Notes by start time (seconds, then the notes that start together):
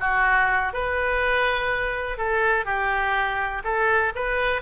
0.00 F#4
0.73 B4
2.18 A4
2.65 G4
3.64 A4
4.15 B4